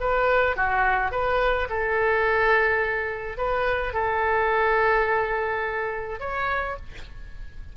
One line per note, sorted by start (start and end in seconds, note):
0.00 0.56 B4
0.56 1.11 F#4
1.11 1.68 B4
1.69 3.37 A4
3.37 3.93 B4
3.93 6.19 A4
6.19 6.76 C#5